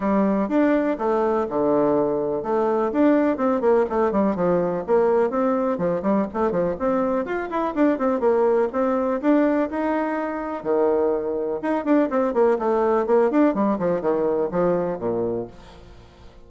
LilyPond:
\new Staff \with { instrumentName = "bassoon" } { \time 4/4 \tempo 4 = 124 g4 d'4 a4 d4~ | d4 a4 d'4 c'8 ais8 | a8 g8 f4 ais4 c'4 | f8 g8 a8 f8 c'4 f'8 e'8 |
d'8 c'8 ais4 c'4 d'4 | dis'2 dis2 | dis'8 d'8 c'8 ais8 a4 ais8 d'8 | g8 f8 dis4 f4 ais,4 | }